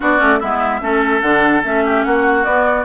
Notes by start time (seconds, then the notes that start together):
0.00 B3 D4 F#4 D5
0.18 A3 C#4
0.39 G#3 B3 E4 E5
0.81 A3 C#4 A4
1.21 D3 D4 F#5
1.63 A3 C#4 E5
1.84 G4
2.04 A#3 F#4 F#5
2.44 B3 D5